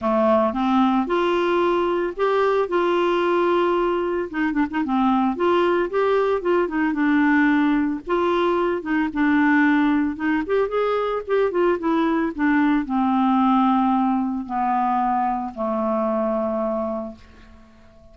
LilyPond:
\new Staff \with { instrumentName = "clarinet" } { \time 4/4 \tempo 4 = 112 a4 c'4 f'2 | g'4 f'2. | dis'8 d'16 dis'16 c'4 f'4 g'4 | f'8 dis'8 d'2 f'4~ |
f'8 dis'8 d'2 dis'8 g'8 | gis'4 g'8 f'8 e'4 d'4 | c'2. b4~ | b4 a2. | }